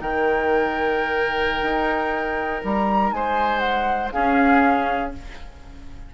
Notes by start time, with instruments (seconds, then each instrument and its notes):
0.00 bassoon D#3, clarinet D#4, oboe A#4, flute G5
1.62 bassoon D#4
2.63 bassoon G3, flute A#5
3.11 bassoon G#3, oboe C5, flute G#5
3.59 flute F#5
4.12 clarinet C#4, bassoon C#4, oboe G#4, flute F5